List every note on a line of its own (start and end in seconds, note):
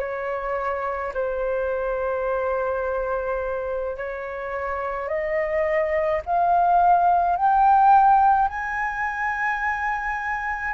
0.00 1.13 C#5
1.14 3.97 C5
3.97 5.08 C#5
5.08 6.22 D#5
6.26 7.36 F5
7.36 8.49 G5
8.49 10.74 G#5